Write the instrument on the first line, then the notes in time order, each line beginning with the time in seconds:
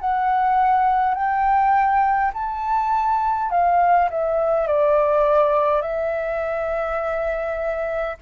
flute
0.00 F#5
1.14 G5
2.33 A5
3.50 F5
4.10 E5
4.67 D5
5.81 E5